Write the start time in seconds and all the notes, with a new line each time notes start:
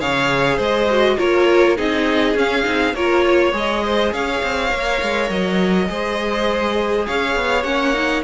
0.00 C#3 G#4 C#5 F5
0.56 G#3 C5 D#5
0.91 F#4
1.17 A#3 F4 A#4 C#5
1.76 C4 D#4 G#4 D#5
2.35 C#4 F5
2.63 C4 D#4
2.94 A#3 F4 A#4 C#5
3.25 C#5
3.53 G#3 G#4 D#5
3.84 C5
4.12 C#4 C#5 F5
4.43 C4
4.71 A#3 A#4
5.02 G#3
5.30 F#3 D#5
5.88 G#3 G#4 C5
7.07 C#4 C#5 F5
7.36 B3
7.63 A#3 C#4 F#5
7.93 D#4